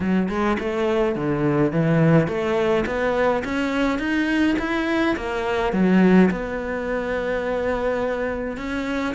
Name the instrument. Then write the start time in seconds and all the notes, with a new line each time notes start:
cello
0.00 F#3
0.28 G#3
0.59 A3
1.15 D3
1.72 E3
2.27 A3
2.86 B3
3.44 C#4
3.98 D#4
4.58 E4
5.16 A#3
5.72 F#3
6.30 B3
8.57 C#4